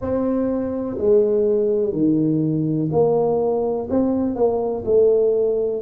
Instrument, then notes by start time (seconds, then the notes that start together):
tuba
0.00 C4
0.98 G#3
1.92 D#3
2.91 A#3
3.89 C4
4.35 A#3
4.85 A3